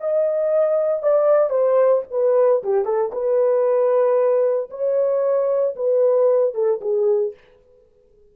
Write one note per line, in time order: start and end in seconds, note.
0.00 1.02 D#5
1.02 1.50 D5
1.50 2.02 C5
2.10 2.63 B4
2.63 2.84 G4
2.84 3.11 A4
3.12 4.70 B4
4.70 5.75 C#5
5.75 6.54 B4
6.54 6.80 A4
6.81 7.33 G#4